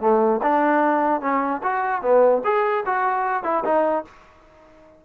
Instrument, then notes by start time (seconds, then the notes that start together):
trombone
0.00 A3
0.42 D4
1.21 C#4
1.63 F#4
2.01 B3
2.44 G#4
2.85 F#4
3.43 E4
3.64 D#4